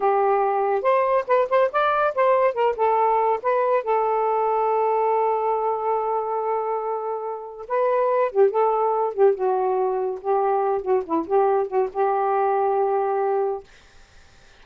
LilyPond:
\new Staff \with { instrumentName = "saxophone" } { \time 4/4 \tempo 4 = 141 g'2 c''4 b'8 c''8 | d''4 c''4 ais'8 a'4. | b'4 a'2.~ | a'1~ |
a'2 b'4. g'8 | a'4. g'8 fis'2 | g'4. fis'8 e'8 g'4 fis'8 | g'1 | }